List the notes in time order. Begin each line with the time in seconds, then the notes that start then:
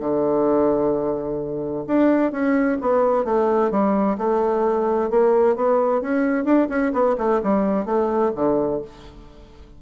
0.00 D3
1.87 D4
2.32 C#4
2.81 B3
3.25 A3
3.71 G3
4.18 A3
5.10 A#3
5.56 B3
6.01 C#4
6.45 D4
6.69 C#4
6.93 B3
7.18 A3
7.43 G3
7.85 A3
8.35 D3